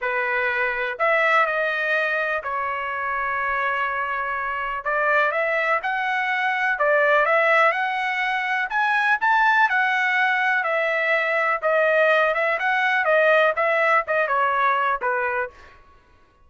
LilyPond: \new Staff \with { instrumentName = "trumpet" } { \time 4/4 \tempo 4 = 124 b'2 e''4 dis''4~ | dis''4 cis''2.~ | cis''2 d''4 e''4 | fis''2 d''4 e''4 |
fis''2 gis''4 a''4 | fis''2 e''2 | dis''4. e''8 fis''4 dis''4 | e''4 dis''8 cis''4. b'4 | }